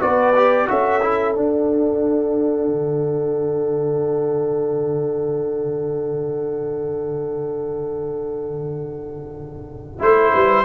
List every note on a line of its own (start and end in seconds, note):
0.00 0.68 B3
0.00 0.33 F#4
0.00 0.67 B4
0.00 0.68 D5
0.36 0.68 G4
0.68 1.36 C#4
0.68 1.01 F#4
0.68 10.32 A4
0.68 1.36 E5
1.02 1.35 E4
1.35 9.99 D4
1.35 2.67 D4
1.35 10.02 F#5
2.67 10.00 D3
9.99 10.33 A3
9.99 10.65 E4
9.99 10.65 C5
10.32 10.65 G3
10.32 10.65 B4